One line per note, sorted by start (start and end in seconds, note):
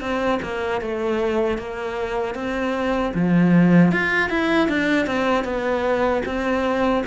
0.00 0.39 C4
0.43 0.81 A#3
0.81 1.58 A3
1.58 2.35 A#3
2.35 3.13 C4
3.15 3.91 F3
3.91 4.30 F4
4.30 4.68 E4
4.68 5.06 D4
5.06 5.44 C4
5.44 6.22 B3
6.26 7.03 C4